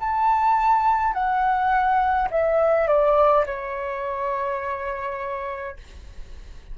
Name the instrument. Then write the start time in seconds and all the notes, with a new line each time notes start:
flute
0.00 A5
1.13 F#5
2.31 E5
2.87 D5
3.46 C#5